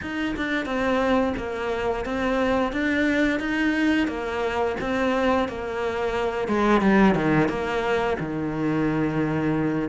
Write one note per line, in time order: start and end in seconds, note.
0.01 0.35 D#4
0.36 0.65 D4
0.65 1.33 C4
1.37 2.05 A#3
2.05 2.72 C4
2.72 3.39 D4
3.39 4.07 D#4
4.07 4.75 A#3
4.80 5.48 C4
5.48 6.48 A#3
6.48 6.81 G#3
6.81 7.14 G3
7.14 7.48 D#3
7.48 8.16 A#3
8.19 9.88 D#3